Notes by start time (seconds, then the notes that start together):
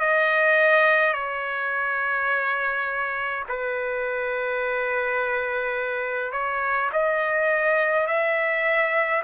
0.00 D#5
1.13 C#5
3.49 B4
6.33 C#5
6.93 D#5
8.07 E5